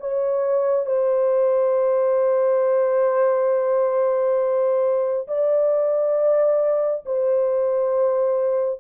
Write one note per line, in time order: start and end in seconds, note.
0.00 0.86 C#5
0.86 5.27 C5
5.28 7.04 D5
7.06 8.80 C5